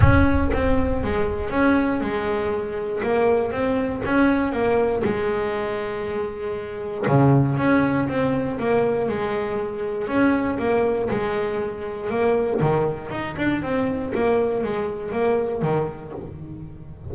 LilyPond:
\new Staff \with { instrumentName = "double bass" } { \time 4/4 \tempo 4 = 119 cis'4 c'4 gis4 cis'4 | gis2 ais4 c'4 | cis'4 ais4 gis2~ | gis2 cis4 cis'4 |
c'4 ais4 gis2 | cis'4 ais4 gis2 | ais4 dis4 dis'8 d'8 c'4 | ais4 gis4 ais4 dis4 | }